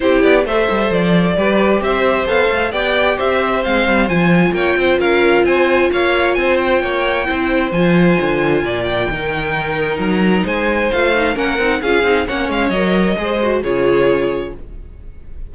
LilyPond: <<
  \new Staff \with { instrumentName = "violin" } { \time 4/4 \tempo 4 = 132 c''8 d''8 e''4 d''2 | e''4 f''4 g''4 e''4 | f''4 gis''4 g''4 f''4 | gis''4 f''4 gis''8 g''4.~ |
g''4 gis''2~ gis''8 g''8~ | g''2 ais''4 gis''4 | f''4 fis''4 f''4 fis''8 f''8 | dis''2 cis''2 | }
  \new Staff \with { instrumentName = "violin" } { \time 4/4 g'4 c''2 b'4 | c''2 d''4 c''4~ | c''2 cis''8 c''8 ais'4 | c''4 cis''4 c''4 cis''4 |
c''2. d''4 | ais'2. c''4~ | c''4 ais'4 gis'4 cis''4~ | cis''4 c''4 gis'2 | }
  \new Staff \with { instrumentName = "viola" } { \time 4/4 e'4 a'2 g'4~ | g'4 a'4 g'2 | c'4 f'2.~ | f'1 |
e'4 f'2. | dis'1 | f'8 dis'8 cis'8 dis'8 f'8 dis'8 cis'4 | ais'4 gis'8 fis'8 f'2 | }
  \new Staff \with { instrumentName = "cello" } { \time 4/4 c'8 b8 a8 g8 f4 g4 | c'4 b8 a8 b4 c'4 | gis8 g8 f4 ais8 c'8 cis'4 | c'4 ais4 c'4 ais4 |
c'4 f4 d4 ais,4 | dis2 fis4 gis4 | a4 ais8 c'8 cis'8 c'8 ais8 gis8 | fis4 gis4 cis2 | }
>>